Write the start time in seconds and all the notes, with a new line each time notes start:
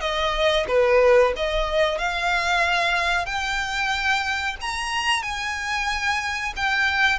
0.00 D#5
0.67 B4
1.36 D#5
1.98 F5
3.25 G5
4.61 A#5
5.22 G#5
6.56 G5